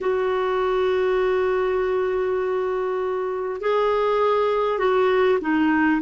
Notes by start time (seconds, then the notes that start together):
0.01 F#4
3.60 G#4
4.78 F#4
5.41 D#4